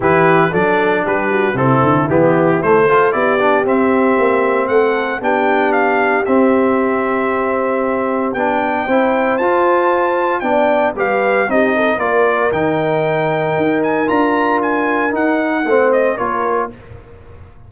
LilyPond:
<<
  \new Staff \with { instrumentName = "trumpet" } { \time 4/4 \tempo 4 = 115 b'4 d''4 b'4 a'4 | g'4 c''4 d''4 e''4~ | e''4 fis''4 g''4 f''4 | e''1 |
g''2 a''2 | g''4 f''4 dis''4 d''4 | g''2~ g''8 gis''8 ais''4 | gis''4 fis''4. dis''8 cis''4 | }
  \new Staff \with { instrumentName = "horn" } { \time 4/4 g'4 a'4 g'8 fis'8 e'4~ | e'4. a'8 g'2~ | g'4 a'4 g'2~ | g'1~ |
g'4 c''2. | d''4 b'4 g'8 a'8 ais'4~ | ais'1~ | ais'2 c''4 ais'4 | }
  \new Staff \with { instrumentName = "trombone" } { \time 4/4 e'4 d'2 c'4 | b4 a8 f'8 e'8 d'8 c'4~ | c'2 d'2 | c'1 |
d'4 e'4 f'2 | d'4 g'4 dis'4 f'4 | dis'2. f'4~ | f'4 dis'4 c'4 f'4 | }
  \new Staff \with { instrumentName = "tuba" } { \time 4/4 e4 fis4 g4 c8 d8 | e4 a4 b4 c'4 | ais4 a4 b2 | c'1 |
b4 c'4 f'2 | b4 g4 c'4 ais4 | dis2 dis'4 d'4~ | d'4 dis'4 a4 ais4 | }
>>